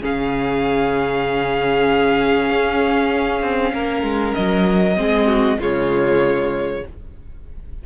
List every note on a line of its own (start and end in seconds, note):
0.00 2.49 C#3
0.00 4.95 C#4
0.00 3.73 G#4
0.00 4.34 F5
2.49 3.42 C#4
3.42 3.73 C4
3.73 4.03 A#3
3.73 4.97 A#4
4.03 4.34 G#3
4.34 4.98 F#3
4.34 5.58 D#5
4.97 5.59 G#3
4.97 5.59 C4
4.97 5.27 G#4
5.27 5.58 F#4
5.59 6.83 C#3
5.59 6.83 G#3
5.59 6.84 F4
5.59 6.86 C#5